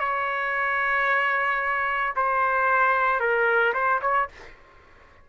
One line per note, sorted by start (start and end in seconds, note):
0.00 2.14 C#5
2.16 3.20 C5
3.20 3.74 A#4
3.74 4.00 C5
4.02 4.29 C#5